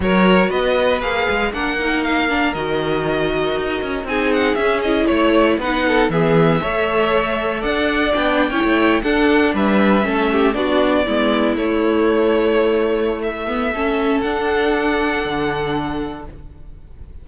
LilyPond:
<<
  \new Staff \with { instrumentName = "violin" } { \time 4/4 \tempo 4 = 118 cis''4 dis''4 f''4 fis''4 | f''4 dis''2. | gis''8 fis''8 e''8 dis''8 cis''4 fis''4 | e''2. fis''4 |
g''4.~ g''16 fis''4 e''4~ e''16~ | e''8. d''2 cis''4~ cis''16~ | cis''2 e''2 | fis''1 | }
  \new Staff \with { instrumentName = "violin" } { \time 4/4 ais'4 b'2 ais'4~ | ais'1 | gis'2 cis''4 b'8 a'8 | gis'4 cis''2 d''4~ |
d''8. cis''4 a'4 b'4 a'16~ | a'16 g'8 fis'4 e'2~ e'16~ | e'2. a'4~ | a'1 | }
  \new Staff \with { instrumentName = "viola" } { \time 4/4 fis'2 gis'4 d'8 dis'8~ | dis'8 d'8 fis'2. | dis'4 cis'8 e'4. dis'4 | b4 a'2. |
d'8. e'4 d'2 cis'16~ | cis'8. d'4 b4 a4~ a16~ | a2~ a8 b8 cis'4 | d'1 | }
  \new Staff \with { instrumentName = "cello" } { \time 4/4 fis4 b4 ais8 gis8 ais4~ | ais4 dis2 dis'8 cis'8 | c'4 cis'4 a4 b4 | e4 a2 d'4 |
b8. cis'16 a8. d'4 g4 a16~ | a8. b4 gis4 a4~ a16~ | a1 | d'2 d2 | }
>>